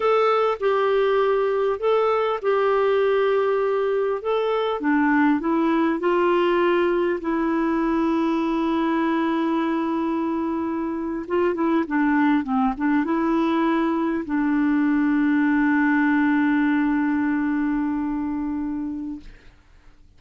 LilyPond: \new Staff \with { instrumentName = "clarinet" } { \time 4/4 \tempo 4 = 100 a'4 g'2 a'4 | g'2. a'4 | d'4 e'4 f'2 | e'1~ |
e'2~ e'8. f'8 e'8 d'16~ | d'8. c'8 d'8 e'2 d'16~ | d'1~ | d'1 | }